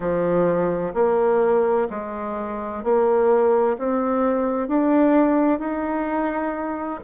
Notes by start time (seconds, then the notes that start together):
0.00 F3
0.94 A#3
1.90 G#3
2.83 A#3
3.78 C4
4.67 D4
5.59 D#4